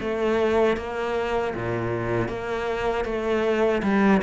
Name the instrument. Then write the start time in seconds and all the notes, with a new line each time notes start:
cello
0.00 A3
0.77 A#3
1.55 A#2
2.28 A#3
3.05 A3
3.83 G3